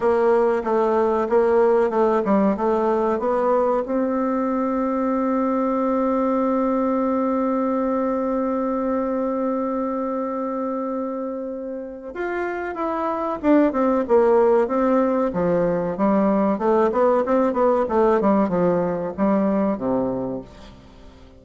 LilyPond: \new Staff \with { instrumentName = "bassoon" } { \time 4/4 \tempo 4 = 94 ais4 a4 ais4 a8 g8 | a4 b4 c'2~ | c'1~ | c'1~ |
c'2. f'4 | e'4 d'8 c'8 ais4 c'4 | f4 g4 a8 b8 c'8 b8 | a8 g8 f4 g4 c4 | }